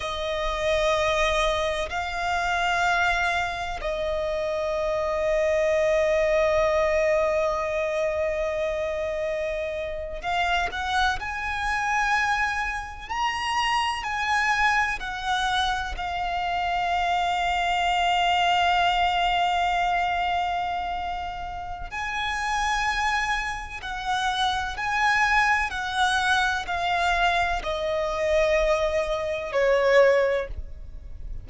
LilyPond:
\new Staff \with { instrumentName = "violin" } { \time 4/4 \tempo 4 = 63 dis''2 f''2 | dis''1~ | dis''2~ dis''8. f''8 fis''8 gis''16~ | gis''4.~ gis''16 ais''4 gis''4 fis''16~ |
fis''8. f''2.~ f''16~ | f''2. gis''4~ | gis''4 fis''4 gis''4 fis''4 | f''4 dis''2 cis''4 | }